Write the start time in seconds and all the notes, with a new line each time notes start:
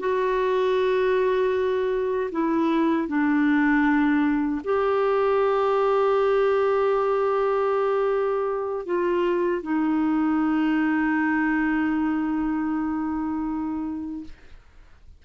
0.00 F#4
2.32 E4
3.08 D4
4.65 G4
8.86 F4
9.63 D#4